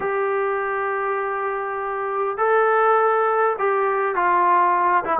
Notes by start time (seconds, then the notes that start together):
0.00 G4
2.37 A4
3.58 G4
4.14 F4
5.04 E4